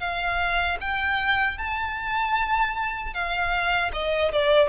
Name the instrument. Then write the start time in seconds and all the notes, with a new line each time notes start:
violin
0.00 F5
0.81 G5
1.58 A5
3.14 F5
3.93 D#5
4.32 D5